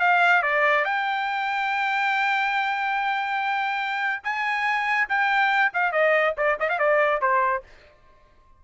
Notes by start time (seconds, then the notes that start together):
0.00 F5
0.42 D5
0.85 G5
4.23 G#5
5.09 G5
5.73 F5
5.92 D#5
6.37 D5
6.59 D#5
6.69 F5
6.79 D5
7.21 C5